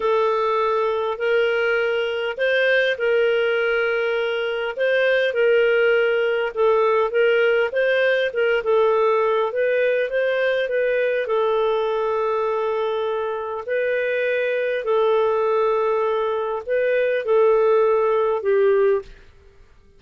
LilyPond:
\new Staff \with { instrumentName = "clarinet" } { \time 4/4 \tempo 4 = 101 a'2 ais'2 | c''4 ais'2. | c''4 ais'2 a'4 | ais'4 c''4 ais'8 a'4. |
b'4 c''4 b'4 a'4~ | a'2. b'4~ | b'4 a'2. | b'4 a'2 g'4 | }